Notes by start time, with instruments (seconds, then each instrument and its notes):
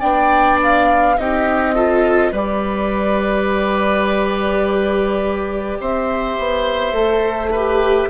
0.00 bassoon B3, viola D4, oboe D5, flute G5
0.63 flute F5
1.18 bassoon C4, viola D#4, oboe G4, flute D#5
1.75 viola F4, oboe A4
2.32 bassoon G3, viola G4, oboe B4, flute D5
5.81 bassoon C4, oboe C5, flute E5
6.39 bassoon B3
6.93 bassoon A3, viola A4
7.51 viola G4, oboe B4